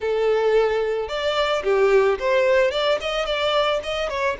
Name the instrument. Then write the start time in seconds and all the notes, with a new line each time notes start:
violin
0.00 A4
1.08 D5
1.63 G4
2.19 C5
2.71 D5
3.00 D#5
3.25 D5
3.83 D#5
4.09 C#5